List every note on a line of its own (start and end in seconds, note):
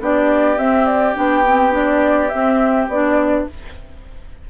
0.00 0.57 B3
0.00 0.57 D4
0.00 3.47 G4
0.00 0.58 D5
0.57 1.14 C4
0.57 1.15 C4
0.57 0.86 E5
0.86 1.15 D5
1.14 2.33 B3
1.14 1.43 D4
1.14 1.74 G5
1.47 1.71 C4
1.71 2.29 D4
1.71 2.29 D5
2.29 2.91 C4
2.29 2.88 C4
2.29 2.86 E5
2.88 3.45 B3
2.88 3.50 D4
2.88 3.47 D5